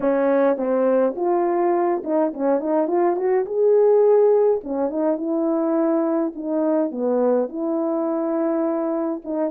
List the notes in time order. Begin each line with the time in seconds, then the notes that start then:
0.00 C#4
0.56 C4
1.16 F4
2.03 D#4
2.33 C#4
2.60 D#4
2.87 F4
3.16 F#4
3.45 G#4
4.63 C#4
4.89 D#4
5.17 E4
6.35 D#4
6.91 B3
7.48 E4
9.24 D#4